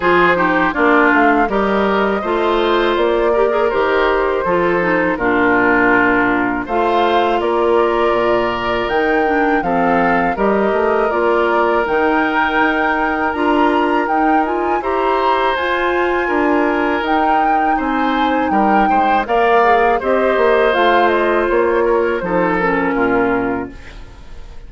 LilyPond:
<<
  \new Staff \with { instrumentName = "flute" } { \time 4/4 \tempo 4 = 81 c''4 d''8 f''8 dis''2 | d''4 c''2 ais'4~ | ais'4 f''4 d''2 | g''4 f''4 dis''4 d''4 |
g''2 ais''4 g''8 gis''8 | ais''4 gis''2 g''4 | gis''4 g''4 f''4 dis''4 | f''8 dis''8 cis''4 c''8 ais'4. | }
  \new Staff \with { instrumentName = "oboe" } { \time 4/4 gis'8 g'8 f'4 ais'4 c''4~ | c''8 ais'4. a'4 f'4~ | f'4 c''4 ais'2~ | ais'4 a'4 ais'2~ |
ais'1 | c''2 ais'2 | c''4 ais'8 c''8 d''4 c''4~ | c''4. ais'8 a'4 f'4 | }
  \new Staff \with { instrumentName = "clarinet" } { \time 4/4 f'8 dis'8 d'4 g'4 f'4~ | f'8 g'16 gis'16 g'4 f'8 dis'8 d'4~ | d'4 f'2. | dis'8 d'8 c'4 g'4 f'4 |
dis'2 f'4 dis'8 f'8 | g'4 f'2 dis'4~ | dis'2 ais'8 gis'8 g'4 | f'2 dis'8 cis'4. | }
  \new Staff \with { instrumentName = "bassoon" } { \time 4/4 f4 ais8 a8 g4 a4 | ais4 dis4 f4 ais,4~ | ais,4 a4 ais4 ais,4 | dis4 f4 g8 a8 ais4 |
dis4 dis'4 d'4 dis'4 | e'4 f'4 d'4 dis'4 | c'4 g8 gis8 ais4 c'8 ais8 | a4 ais4 f4 ais,4 | }
>>